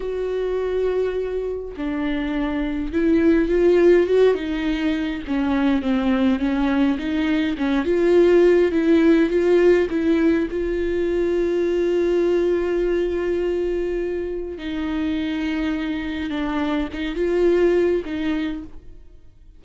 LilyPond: \new Staff \with { instrumentName = "viola" } { \time 4/4 \tempo 4 = 103 fis'2. d'4~ | d'4 e'4 f'4 fis'8 dis'8~ | dis'4 cis'4 c'4 cis'4 | dis'4 cis'8 f'4. e'4 |
f'4 e'4 f'2~ | f'1~ | f'4 dis'2. | d'4 dis'8 f'4. dis'4 | }